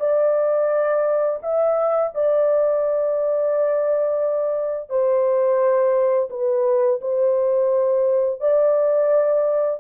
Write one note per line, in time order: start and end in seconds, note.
0.00 1.40 D5
1.42 2.12 E5
2.14 4.89 D5
4.89 6.29 C5
6.30 7.00 B4
7.01 8.40 C5
8.40 9.80 D5